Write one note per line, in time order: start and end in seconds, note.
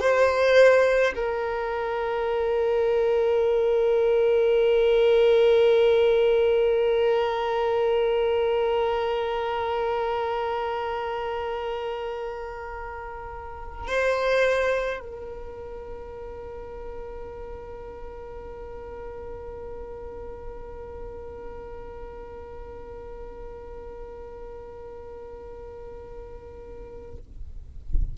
0.00 1.13 C5
1.15 13.87 A#4
13.87 15.00 C5
15.00 27.17 A#4